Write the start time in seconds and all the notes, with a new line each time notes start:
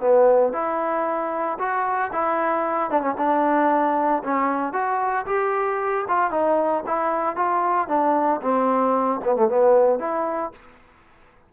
0.00 B3
0.53 E4
1.59 F#4
2.12 E4
2.91 D4
3.01 C#4
3.18 D4
4.24 C#4
4.73 F#4
5.26 G4
6.08 F4
6.31 D#4
6.86 E4
7.36 F4
7.88 D4
8.41 C4
9.25 B3
9.36 A3
9.48 B3
9.99 E4